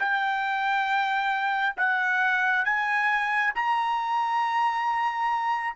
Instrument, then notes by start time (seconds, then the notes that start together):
trumpet
0.00 G5
1.77 F#5
2.65 G#5
3.55 A#5